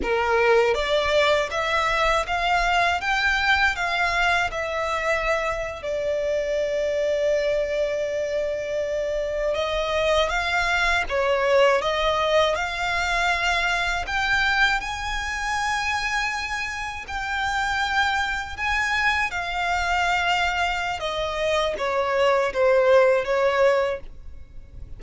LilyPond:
\new Staff \with { instrumentName = "violin" } { \time 4/4 \tempo 4 = 80 ais'4 d''4 e''4 f''4 | g''4 f''4 e''4.~ e''16 d''16~ | d''1~ | d''8. dis''4 f''4 cis''4 dis''16~ |
dis''8. f''2 g''4 gis''16~ | gis''2~ gis''8. g''4~ g''16~ | g''8. gis''4 f''2~ f''16 | dis''4 cis''4 c''4 cis''4 | }